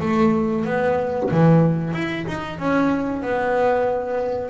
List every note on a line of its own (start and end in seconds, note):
0.00 0.65 A3
0.65 1.29 B3
1.30 1.93 E3
1.93 2.25 E4
2.27 2.58 D#4
2.58 3.22 C#4
3.22 4.50 B3